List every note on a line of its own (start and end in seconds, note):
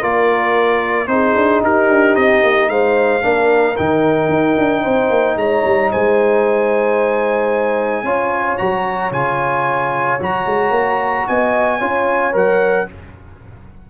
0.00 1.07 A#3
0.00 1.07 F4
0.00 1.07 A#4
0.00 1.07 D5
1.07 1.34 C4
1.07 3.21 D#4
1.07 1.64 G#4
1.07 1.61 C5
1.35 1.62 D4
1.62 1.88 D#4
1.62 2.70 G4
1.62 2.15 A#4
1.88 2.15 D4
2.15 2.43 C4
2.15 2.69 D#5
2.43 2.69 A#3
2.69 3.22 G#3
2.69 3.23 C5
2.69 3.76 F5
3.21 3.78 A#3
3.21 3.75 D4
3.21 4.82 A#4
3.76 4.28 D#3
3.76 8.05 D#4
3.76 5.37 G5
4.28 4.55 D#4
4.58 4.84 D4
4.82 5.09 C4
4.82 5.35 C5
5.09 5.36 A#3
5.36 5.62 G#3
5.36 5.91 C#5
5.36 5.91 A#5
5.64 5.91 G3
5.91 8.03 G#3
5.91 8.05 C5
5.91 8.58 G#5
8.03 8.57 C#4
8.03 8.58 F4
8.03 11.26 C#5
8.58 9.11 F#3
8.58 9.11 F#4
8.58 9.11 A#5
9.11 10.18 C#3
9.11 10.19 F4
9.11 10.20 G#5
10.19 10.45 F#3
10.19 11.80 F#4
10.19 11.27 A#5
10.45 10.70 G#3
10.70 11.24 A#3
11.27 11.81 B3
11.27 11.78 D#5
11.27 12.34 G#5
11.78 12.34 C#4
11.78 12.32 F4
11.78 12.85 C#5
12.32 12.88 F#3
12.32 12.86 A#4
12.32 12.90 F#5